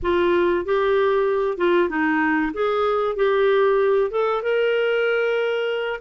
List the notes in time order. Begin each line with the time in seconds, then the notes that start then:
0.02 F4
0.65 G4
1.57 F4
1.89 D#4
2.53 G#4
3.16 G4
4.11 A4
4.42 A#4